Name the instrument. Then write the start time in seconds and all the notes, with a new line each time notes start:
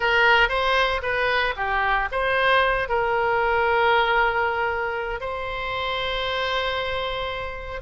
oboe
0.00 A#4
0.48 C5
1.02 B4
1.56 G4
2.11 C5
2.89 A#4
5.20 C5